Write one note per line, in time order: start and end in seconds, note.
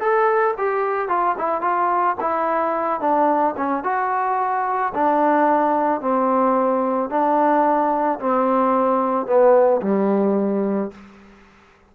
0.00 0.55 A4
0.58 1.09 G4
1.09 1.36 F4
1.38 1.62 E4
1.62 2.16 F4
2.21 3.00 E4
3.00 3.55 D4
3.57 3.84 C#4
3.84 4.93 F#4
4.95 6.01 D4
6.01 7.10 C4
7.10 8.19 D4
8.20 9.27 C4
9.27 9.81 B3
9.82 10.91 G3